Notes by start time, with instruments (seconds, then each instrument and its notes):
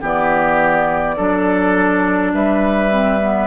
0.00 bassoon E3, clarinet B3, oboe G4, flute D5
1.16 bassoon F#3, clarinet D4, oboe A4
2.33 bassoon G3, oboe B4, flute E5
2.90 clarinet C4
3.21 clarinet B3